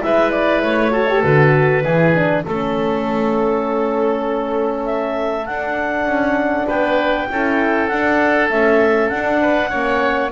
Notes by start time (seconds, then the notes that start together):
0.00 G#3 E4 B4 E5
0.31 D5
0.62 A3 C#5
0.91 F#4 A4
1.09 G4
1.22 D3 F#4 B4
1.84 E3 E4 G#4
2.15 D4
2.44 A3 C#4 A4
4.85 E5
5.46 D4 F#5
6.05 C#4
6.67 B3 B4 G5
7.30 C#4 E4 A4
7.88 D4 F#5
8.50 A3 C#4 E5
9.09 D4 F#5
9.41 B4
9.70 A#3 C#4 C#5